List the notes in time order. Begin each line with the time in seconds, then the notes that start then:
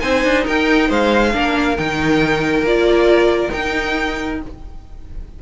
0.00 C4 D#4 C5 G#5
0.24 D4
0.45 D#4 A#4 G5
0.88 G#3 C5 F5
1.32 A#3 D4 A#4
1.77 D#3 D#4 G5
2.61 A#3 F4 D5
3.50 D#4 G5